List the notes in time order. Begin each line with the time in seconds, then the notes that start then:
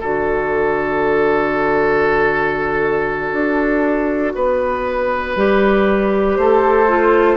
0.00 D3 F#4 A4 D5
3.32 D4
4.34 B3 B4
5.36 G3 G4
6.36 A3 A4 C5
6.87 F4